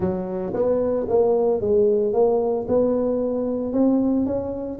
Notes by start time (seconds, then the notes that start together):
0.00 F#3
0.53 B3
1.08 A#3
1.60 G#3
2.13 A#3
2.68 B3
3.72 C4
4.26 C#4